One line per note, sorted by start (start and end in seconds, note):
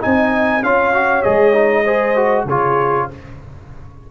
0.00 0.62 C4
0.00 0.61 D#4
0.00 0.63 D#5
0.00 0.63 G#5
0.62 1.23 C#4
0.62 0.93 F4
0.62 1.84 C#5
0.62 1.22 F5
0.93 1.23 F#4
1.22 2.45 G#3
1.22 1.53 G#4
1.22 2.45 D#5
1.53 1.84 D#4
1.84 2.16 G#4
1.84 2.45 C5
2.16 2.47 F#4
2.45 3.06 C#3
2.45 3.11 F4
2.45 3.07 G#4
2.45 3.10 C#5